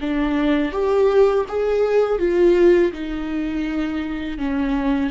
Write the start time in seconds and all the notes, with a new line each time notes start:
0.00 D4
0.72 G4
1.48 G#4
2.19 F4
2.92 D#4
4.37 C#4